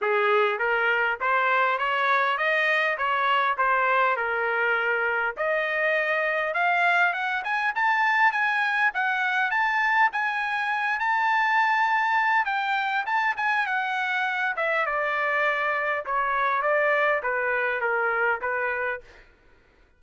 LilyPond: \new Staff \with { instrumentName = "trumpet" } { \time 4/4 \tempo 4 = 101 gis'4 ais'4 c''4 cis''4 | dis''4 cis''4 c''4 ais'4~ | ais'4 dis''2 f''4 | fis''8 gis''8 a''4 gis''4 fis''4 |
a''4 gis''4. a''4.~ | a''4 g''4 a''8 gis''8 fis''4~ | fis''8 e''8 d''2 cis''4 | d''4 b'4 ais'4 b'4 | }